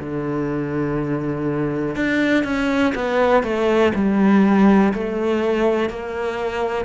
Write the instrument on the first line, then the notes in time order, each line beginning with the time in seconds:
cello
0.00 D3
1.96 D4
2.44 C#4
2.95 B3
3.43 A3
3.95 G3
4.94 A3
5.90 A#3